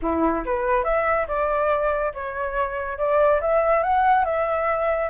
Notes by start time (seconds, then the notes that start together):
0.01 E4
0.45 B4
0.84 E5
1.27 D5
2.14 C#5
2.98 D5
3.40 E5
3.83 F#5
4.24 E5